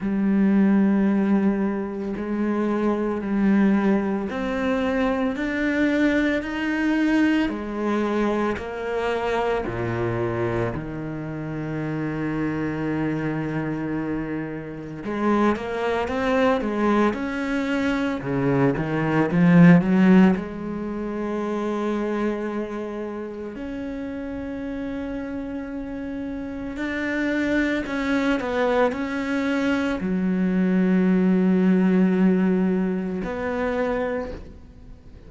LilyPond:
\new Staff \with { instrumentName = "cello" } { \time 4/4 \tempo 4 = 56 g2 gis4 g4 | c'4 d'4 dis'4 gis4 | ais4 ais,4 dis2~ | dis2 gis8 ais8 c'8 gis8 |
cis'4 cis8 dis8 f8 fis8 gis4~ | gis2 cis'2~ | cis'4 d'4 cis'8 b8 cis'4 | fis2. b4 | }